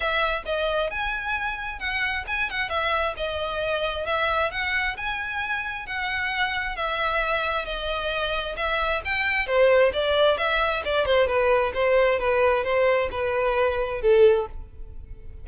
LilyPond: \new Staff \with { instrumentName = "violin" } { \time 4/4 \tempo 4 = 133 e''4 dis''4 gis''2 | fis''4 gis''8 fis''8 e''4 dis''4~ | dis''4 e''4 fis''4 gis''4~ | gis''4 fis''2 e''4~ |
e''4 dis''2 e''4 | g''4 c''4 d''4 e''4 | d''8 c''8 b'4 c''4 b'4 | c''4 b'2 a'4 | }